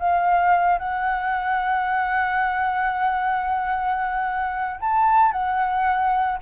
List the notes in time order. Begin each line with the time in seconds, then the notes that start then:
0.00 F5
0.79 F#5
4.81 A5
5.33 F#5